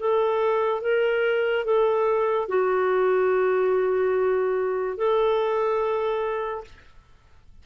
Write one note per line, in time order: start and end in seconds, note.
0.00 0.82 A4
0.82 1.65 A#4
1.66 2.49 A4
2.49 4.98 F#4
4.98 6.64 A4